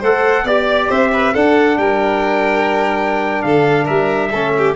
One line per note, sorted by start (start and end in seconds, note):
0.00 0.44 A3
0.00 0.47 A4
0.00 0.44 C5
0.00 0.47 F#5
0.44 0.88 B3
0.44 1.35 G4
0.44 0.89 D5
0.44 0.91 D5
0.89 1.35 C4
0.89 1.11 C5
0.89 1.35 E5
1.13 1.34 B4
1.34 4.33 D4
1.34 1.77 D4
1.34 1.78 A4
1.34 1.78 F#5
1.77 3.43 G3
1.77 3.45 A#4
1.77 3.42 G5
3.42 3.89 D3
3.42 3.85 A4
3.42 3.86 F5
3.85 4.33 G3
3.85 4.29 A#4
3.85 4.75 E5
4.31 4.76 A3
4.31 4.76 C#4
4.31 4.53 A4
4.58 4.76 G4